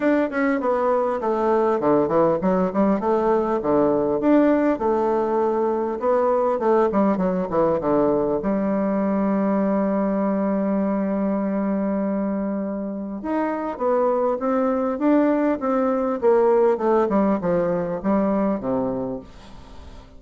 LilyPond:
\new Staff \with { instrumentName = "bassoon" } { \time 4/4 \tempo 4 = 100 d'8 cis'8 b4 a4 d8 e8 | fis8 g8 a4 d4 d'4 | a2 b4 a8 g8 | fis8 e8 d4 g2~ |
g1~ | g2 dis'4 b4 | c'4 d'4 c'4 ais4 | a8 g8 f4 g4 c4 | }